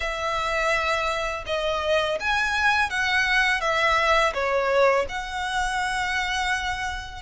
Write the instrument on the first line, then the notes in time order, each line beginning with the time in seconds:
violin
0.00 E5
1.46 D#5
2.19 G#5
2.89 F#5
3.60 E5
4.33 C#5
5.08 F#5